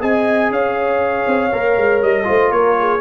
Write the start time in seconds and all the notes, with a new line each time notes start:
0.00 C4 G#4 D#5 G#5
0.51 C#4 C#5 F5
1.27 C4
1.52 A#3 A#4
1.77 G#3
2.02 G3 D#5
2.24 A3 F4 C5
2.51 A#3 A#4 C#5
2.79 G#4